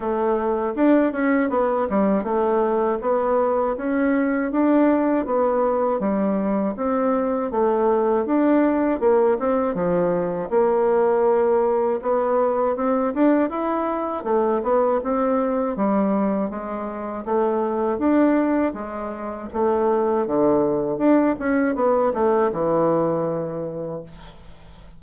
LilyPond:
\new Staff \with { instrumentName = "bassoon" } { \time 4/4 \tempo 4 = 80 a4 d'8 cis'8 b8 g8 a4 | b4 cis'4 d'4 b4 | g4 c'4 a4 d'4 | ais8 c'8 f4 ais2 |
b4 c'8 d'8 e'4 a8 b8 | c'4 g4 gis4 a4 | d'4 gis4 a4 d4 | d'8 cis'8 b8 a8 e2 | }